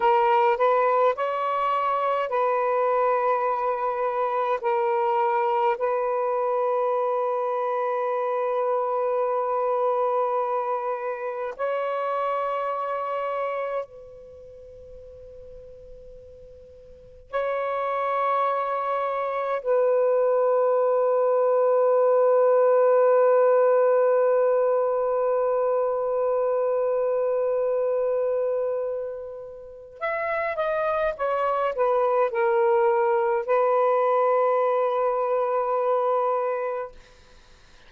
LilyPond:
\new Staff \with { instrumentName = "saxophone" } { \time 4/4 \tempo 4 = 52 ais'8 b'8 cis''4 b'2 | ais'4 b'2.~ | b'2 cis''2 | b'2. cis''4~ |
cis''4 b'2.~ | b'1~ | b'2 e''8 dis''8 cis''8 b'8 | ais'4 b'2. | }